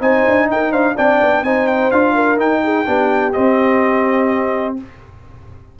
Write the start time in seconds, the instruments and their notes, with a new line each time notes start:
0.00 tuba C4, trombone D#4, horn C5, trumpet G#5
0.27 tuba D4
0.50 tuba D#4, horn A#4, trumpet G5
0.71 tuba D4, horn C5, trumpet F5
0.95 tuba C4, trombone D4, horn D5, trumpet G5
1.22 tuba B3
1.42 tuba C4, trombone D#4, horn C5, trumpet G#5
1.67 trumpet G5
1.91 tuba D4, trombone F4, trumpet F5
2.14 horn A#4
2.37 tuba D#4, trombone D#4, trumpet G5
2.63 horn G#4
2.85 tuba B3, trombone D4, horn G4
3.32 trombone C4, tuba C4, trumpet D#5